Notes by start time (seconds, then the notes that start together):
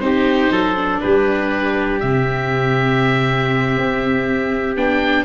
0.00 C4 D#4 G4 C5
0.51 F#3 A4
0.76 D4
1.01 G3 G4 B4
2.00 C3 C4 E5
3.78 C4
4.77 B3 D4 G5